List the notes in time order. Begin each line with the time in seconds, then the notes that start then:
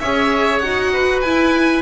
0.00 C#4 G#4 C#5 E5
0.59 D#4 F#4 F#5
0.93 B4
1.21 E4 G#5